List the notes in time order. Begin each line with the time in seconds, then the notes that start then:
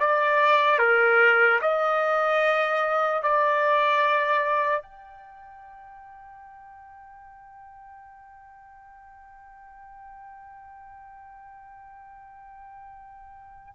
0.00 D5
0.79 A#4
1.61 D#5
3.23 D5
4.82 G5